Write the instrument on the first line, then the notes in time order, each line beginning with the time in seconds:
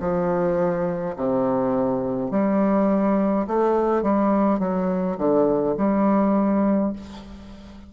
bassoon
0.00 F3
1.16 C3
2.31 G3
3.47 A3
4.02 G3
4.59 F#3
5.18 D3
5.77 G3